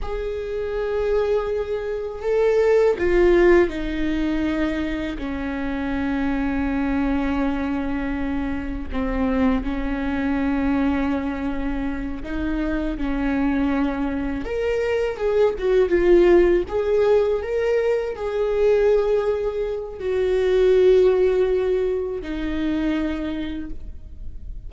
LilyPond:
\new Staff \with { instrumentName = "viola" } { \time 4/4 \tempo 4 = 81 gis'2. a'4 | f'4 dis'2 cis'4~ | cis'1 | c'4 cis'2.~ |
cis'8 dis'4 cis'2 ais'8~ | ais'8 gis'8 fis'8 f'4 gis'4 ais'8~ | ais'8 gis'2~ gis'8 fis'4~ | fis'2 dis'2 | }